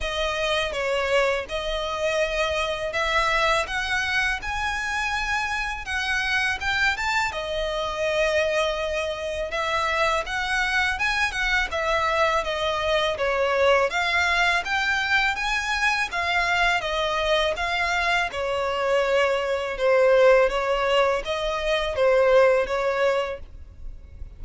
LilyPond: \new Staff \with { instrumentName = "violin" } { \time 4/4 \tempo 4 = 82 dis''4 cis''4 dis''2 | e''4 fis''4 gis''2 | fis''4 g''8 a''8 dis''2~ | dis''4 e''4 fis''4 gis''8 fis''8 |
e''4 dis''4 cis''4 f''4 | g''4 gis''4 f''4 dis''4 | f''4 cis''2 c''4 | cis''4 dis''4 c''4 cis''4 | }